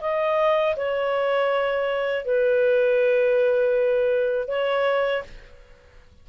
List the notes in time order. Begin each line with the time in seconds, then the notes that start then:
0.00 D#5
0.76 C#5
2.25 B4
4.48 C#5